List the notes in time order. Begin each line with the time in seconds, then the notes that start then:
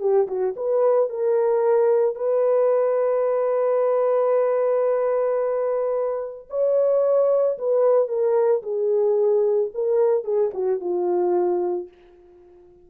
0.00 G4
0.27 F#4
0.56 B4
1.09 A#4
2.16 B4
6.50 C#5
7.58 B4
8.08 A#4
8.63 G#4
9.74 A#4
10.24 G#4
10.54 F#4
10.80 F4